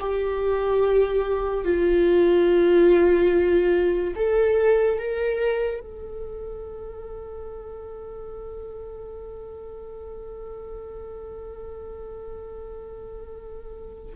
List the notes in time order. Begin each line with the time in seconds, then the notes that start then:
0.00 G4
1.65 F4
4.16 A4
4.98 A#4
5.81 A4